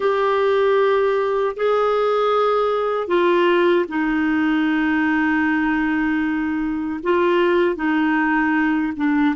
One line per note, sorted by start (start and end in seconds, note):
0.00 1.56 G4
1.56 3.07 G#4
3.07 3.85 F4
3.88 7.00 D#4
7.03 7.75 F4
7.75 8.92 D#4
8.96 9.35 D4